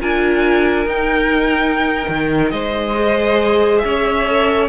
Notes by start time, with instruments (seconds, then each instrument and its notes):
0.00 cello D4, viola F4, violin A#4 G#5
0.86 cello D#4, viola D#4, violin G5
2.08 cello D#3
2.50 cello G#3, violin C5 D#5
2.96 viola G#4
3.79 cello C#4, violin C#5 E5
4.27 viola A4